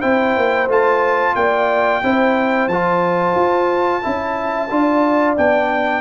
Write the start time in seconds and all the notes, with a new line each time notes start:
0.00 C4 E4 C5 G5
0.36 A#3
0.67 A3 F4 A5
1.35 A#3 D5 G5
2.03 C4 E4 C5
2.67 F3 F4 A5
3.35 F4
4.02 C#4 E4 E5
4.70 D4 F4 D5
5.37 B3 D4 G5